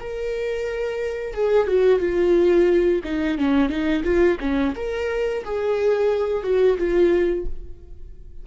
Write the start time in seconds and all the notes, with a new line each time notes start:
0.00 A#4
1.34 G#4
1.67 F#4
2.00 F4
3.05 D#4
3.38 C#4
3.70 D#4
4.04 F4
4.40 C#4
4.76 A#4
5.45 G#4
6.43 F#4
6.78 F4